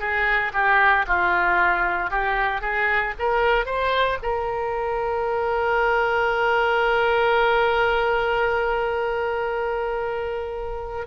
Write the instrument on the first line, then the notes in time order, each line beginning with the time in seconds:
oboe
0.00 G#4
0.54 G4
1.08 F4
2.11 G4
2.62 G#4
3.19 A#4
3.66 C5
4.23 A#4